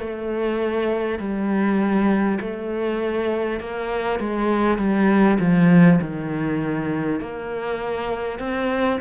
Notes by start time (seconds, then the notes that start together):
0.00 A3
1.19 G3
2.41 A3
3.60 A#3
4.20 G#3
4.78 G3
5.39 F3
6.01 D#3
7.21 A#3
8.39 C4